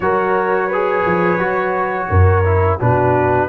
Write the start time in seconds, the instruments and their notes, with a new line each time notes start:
0.00 tuba F#3, trombone F#4, horn A#4, trumpet C#5
0.67 trombone G#4, horn B4
1.05 tuba F3
1.38 tuba F#3, trombone F#4
2.09 tuba F#2, horn A#4
2.44 trombone E4
2.78 tuba B2, trombone D4, horn F#4, trumpet B4